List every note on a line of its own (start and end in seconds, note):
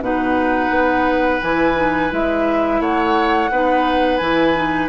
0.00 0.69 B2
0.00 1.41 D#4
0.00 2.80 B4
0.00 1.41 F#5
0.69 1.39 B3
1.41 2.12 E3
1.41 1.75 E4
1.41 2.11 G#5
1.75 2.10 D#4
2.10 2.80 G#3
2.10 3.49 E4
2.10 2.81 E5
2.80 3.50 A3
2.80 3.50 C#5
2.80 4.17 F#5
3.51 4.20 B3
3.51 4.20 D#4
3.51 4.88 B4
4.17 4.88 E3
4.17 4.55 E4
4.17 4.86 G#5
4.55 4.88 D#4